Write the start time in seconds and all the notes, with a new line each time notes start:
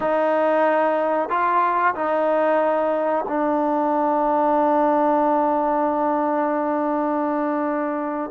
0.00 D#4
1.29 F4
1.94 D#4
3.28 D4